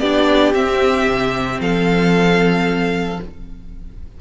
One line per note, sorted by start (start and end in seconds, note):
0.00 0.54 B3
0.00 0.55 D4
0.00 1.60 G4
0.00 0.53 D5
0.54 1.07 C4
0.54 3.20 C4
0.54 1.61 E5
1.08 1.60 C3
1.60 3.20 F3
1.60 3.21 A4
1.60 3.21 F5